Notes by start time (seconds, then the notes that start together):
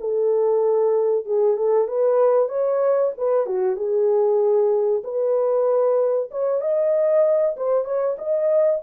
0.00 A4
1.25 G#4
1.57 A4
1.88 B4
2.49 C#5
3.18 B4
3.46 F#4
3.76 G#4
5.04 B4
6.31 C#5
6.61 D#5
7.57 C5
7.85 C#5
8.18 D#5